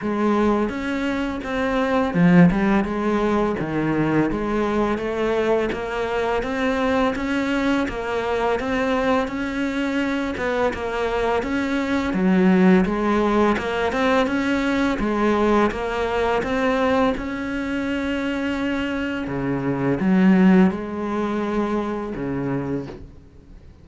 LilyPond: \new Staff \with { instrumentName = "cello" } { \time 4/4 \tempo 4 = 84 gis4 cis'4 c'4 f8 g8 | gis4 dis4 gis4 a4 | ais4 c'4 cis'4 ais4 | c'4 cis'4. b8 ais4 |
cis'4 fis4 gis4 ais8 c'8 | cis'4 gis4 ais4 c'4 | cis'2. cis4 | fis4 gis2 cis4 | }